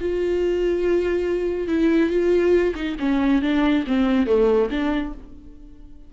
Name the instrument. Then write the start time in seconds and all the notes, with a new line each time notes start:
viola
0.00 F4
1.68 E4
2.10 F4
2.75 D#4
2.99 C#4
3.42 D4
3.87 C4
4.26 A3
4.70 D4